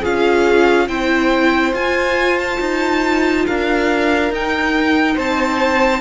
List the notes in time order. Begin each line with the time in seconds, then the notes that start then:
0.00 C#4 F4 G#4 F5
0.88 C4 E4 C5 G5
1.72 F4 G#5
2.38 A5
2.60 D#4
3.46 D4 A#4 F5
4.30 D#4 G5
5.15 C4 C5 A5